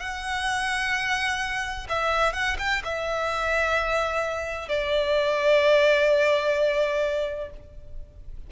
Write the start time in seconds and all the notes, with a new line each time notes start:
0.00 F#5
1.89 E5
2.34 F#5
2.59 G5
2.85 E5
4.69 D5